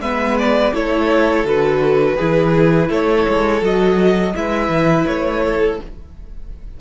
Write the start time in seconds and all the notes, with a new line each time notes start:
0.00 G#3 B3 B4 E5
0.39 D5
0.74 A3 E4 A4 C#5
1.44 D3 F#4 B4
2.17 E3 E4 G#4
2.89 A3 A4 C#5
3.28 G#3
3.62 F#3 F#4 D#5
4.36 G#3 E4 B4 E5
4.69 E3
5.07 A3 C#5
5.45 A4